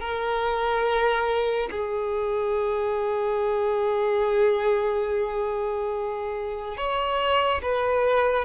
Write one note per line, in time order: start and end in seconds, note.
0.00 1.69 A#4
1.71 6.76 G#4
6.76 7.61 C#5
7.62 8.45 B4